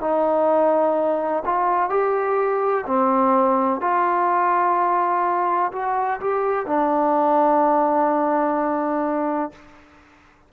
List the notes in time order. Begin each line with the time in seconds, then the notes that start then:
0.00 D#4
1.45 F4
1.90 G4
2.87 C4
3.81 F4
5.72 F#4
6.20 G4
6.66 D4